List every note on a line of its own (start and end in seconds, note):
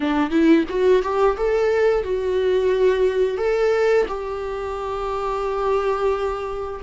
0.00 0.30 D4
0.30 0.64 E4
0.68 1.02 F#4
1.02 1.36 G4
1.37 2.03 A4
2.03 3.37 F#4
3.37 4.06 A4
4.08 6.80 G4